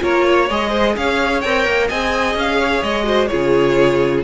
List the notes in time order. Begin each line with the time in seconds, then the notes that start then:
0.00 A#3 F4 A#4 C#5
0.25 C#5
0.49 G#3 G#4 D#5
0.69 C5
0.97 C#4 C#5 F5
1.41 C4 A#4 G5
1.66 A#3
1.88 C4 G#4 D#5 G#5
2.35 C#4 F5
2.58 C#5
2.83 G#3 D#5
3.04 F#4 C5
3.27 C#3 F4 G#4 C#5